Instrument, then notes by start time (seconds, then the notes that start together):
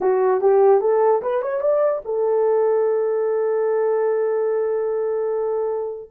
horn
0.00 F#4
0.41 G4
0.81 A4
1.22 B4
1.42 C#5
1.61 D5
2.05 A4